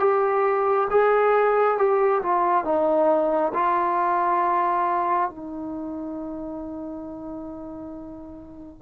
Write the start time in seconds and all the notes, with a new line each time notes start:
0.00 G4
0.91 G#4
1.78 G4
2.23 F4
2.65 D#4
3.55 F4
5.30 D#4